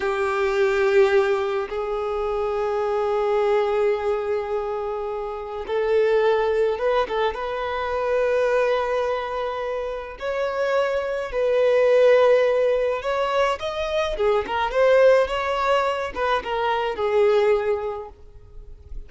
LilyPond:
\new Staff \with { instrumentName = "violin" } { \time 4/4 \tempo 4 = 106 g'2. gis'4~ | gis'1~ | gis'2 a'2 | b'8 a'8 b'2.~ |
b'2 cis''2 | b'2. cis''4 | dis''4 gis'8 ais'8 c''4 cis''4~ | cis''8 b'8 ais'4 gis'2 | }